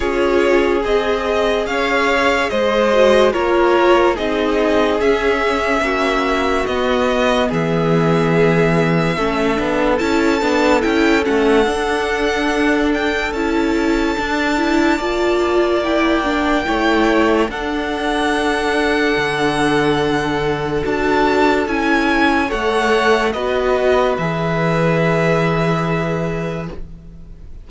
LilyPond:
<<
  \new Staff \with { instrumentName = "violin" } { \time 4/4 \tempo 4 = 72 cis''4 dis''4 f''4 dis''4 | cis''4 dis''4 e''2 | dis''4 e''2. | a''4 g''8 fis''2 g''8 |
a''2. g''4~ | g''4 fis''2.~ | fis''4 a''4 gis''4 fis''4 | dis''4 e''2. | }
  \new Staff \with { instrumentName = "violin" } { \time 4/4 gis'2 cis''4 c''4 | ais'4 gis'2 fis'4~ | fis'4 gis'2 a'4~ | a'1~ |
a'2 d''2 | cis''4 a'2.~ | a'2. cis''4 | b'1 | }
  \new Staff \with { instrumentName = "viola" } { \time 4/4 f'4 gis'2~ gis'8 fis'8 | f'4 dis'4 cis'2 | b2. cis'8 d'8 | e'8 d'8 e'8 cis'8 d'2 |
e'4 d'8 e'8 f'4 e'8 d'8 | e'4 d'2.~ | d'4 fis'4 e'4 a'4 | fis'4 gis'2. | }
  \new Staff \with { instrumentName = "cello" } { \time 4/4 cis'4 c'4 cis'4 gis4 | ais4 c'4 cis'4 ais4 | b4 e2 a8 b8 | cis'8 b8 cis'8 a8 d'2 |
cis'4 d'4 ais2 | a4 d'2 d4~ | d4 d'4 cis'4 a4 | b4 e2. | }
>>